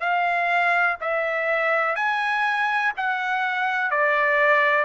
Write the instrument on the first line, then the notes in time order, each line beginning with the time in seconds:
trumpet
0.00 F5
1.01 E5
1.95 G#5
2.97 F#5
3.91 D5